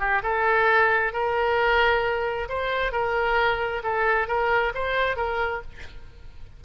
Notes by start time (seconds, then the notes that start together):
0.00 G4
0.23 A4
1.13 A#4
2.49 C5
2.92 A#4
3.84 A4
4.28 A#4
4.75 C5
5.17 A#4